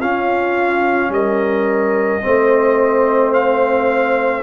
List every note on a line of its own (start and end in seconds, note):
0.00 1.10 C#4
0.00 2.21 C#4
0.00 1.11 F4
0.00 1.12 F5
1.10 2.21 G3
1.10 2.24 A#4
1.10 3.34 D#5
2.21 4.43 A3
2.21 4.43 C4
2.21 4.43 C5
3.34 4.43 F5